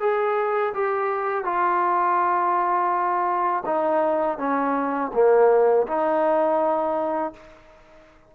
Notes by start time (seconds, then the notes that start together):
0.00 G#4
0.74 G4
1.44 F4
3.66 D#4
4.38 C#4
5.14 A#3
5.87 D#4